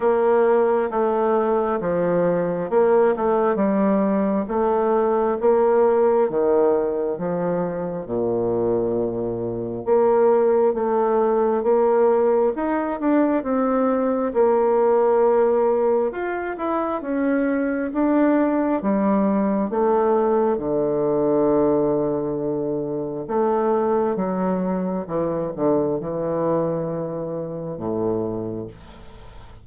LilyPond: \new Staff \with { instrumentName = "bassoon" } { \time 4/4 \tempo 4 = 67 ais4 a4 f4 ais8 a8 | g4 a4 ais4 dis4 | f4 ais,2 ais4 | a4 ais4 dis'8 d'8 c'4 |
ais2 f'8 e'8 cis'4 | d'4 g4 a4 d4~ | d2 a4 fis4 | e8 d8 e2 a,4 | }